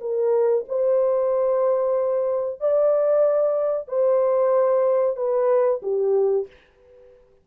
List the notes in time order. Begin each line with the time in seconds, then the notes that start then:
0.00 A#4
0.68 C5
2.60 D5
3.88 C5
5.16 B4
5.82 G4